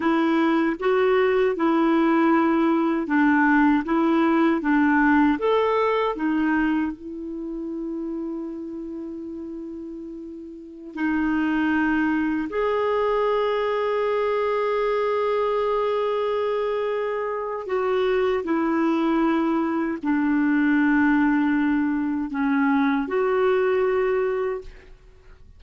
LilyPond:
\new Staff \with { instrumentName = "clarinet" } { \time 4/4 \tempo 4 = 78 e'4 fis'4 e'2 | d'4 e'4 d'4 a'4 | dis'4 e'2.~ | e'2~ e'16 dis'4.~ dis'16~ |
dis'16 gis'2.~ gis'8.~ | gis'2. fis'4 | e'2 d'2~ | d'4 cis'4 fis'2 | }